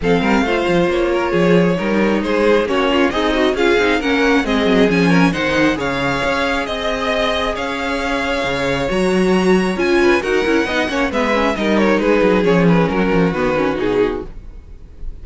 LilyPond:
<<
  \new Staff \with { instrumentName = "violin" } { \time 4/4 \tempo 4 = 135 f''2 cis''2~ | cis''4 c''4 cis''4 dis''4 | f''4 fis''4 dis''4 gis''4 | fis''4 f''2 dis''4~ |
dis''4 f''2. | ais''2 gis''4 fis''4~ | fis''4 e''4 dis''8 cis''8 b'4 | cis''8 b'8 ais'4 b'4 gis'4 | }
  \new Staff \with { instrumentName = "violin" } { \time 4/4 a'8 ais'8 c''4. ais'8 gis'4 | ais'4 gis'4 fis'8 f'8 dis'4 | gis'4 ais'4 gis'4. ais'8 | c''4 cis''2 dis''4~ |
dis''4 cis''2.~ | cis''2~ cis''8 b'8 ais'4 | dis''8 cis''8 b'4 ais'4 gis'4~ | gis'4 fis'2. | }
  \new Staff \with { instrumentName = "viola" } { \time 4/4 c'4 f'2. | dis'2 cis'4 gis'8 fis'8 | f'8 dis'8 cis'4 c'4 cis'4 | dis'4 gis'2.~ |
gis'1 | fis'2 f'4 fis'8 e'8 | dis'8 cis'8 b8 cis'8 dis'2 | cis'2 b8 cis'8 dis'4 | }
  \new Staff \with { instrumentName = "cello" } { \time 4/4 f8 g8 a8 f8 ais4 f4 | g4 gis4 ais4 c'4 | cis'8 c'8 ais4 gis8 fis8 f4 | dis4 cis4 cis'4 c'4~ |
c'4 cis'2 cis4 | fis2 cis'4 dis'8 cis'8 | b8 ais8 gis4 g4 gis8 fis8 | f4 fis8 f8 dis4 b,4 | }
>>